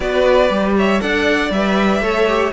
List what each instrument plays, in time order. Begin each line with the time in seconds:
0.00 cello B3, viola F#4, violin B4 D5
0.49 cello G3, viola G4
0.76 violin C#5 E5
1.00 cello D4, viola A4, violin D5 F#5
1.50 cello G3, viola B4, violin E5
2.00 cello A3, viola A4, violin C#5
2.27 viola G4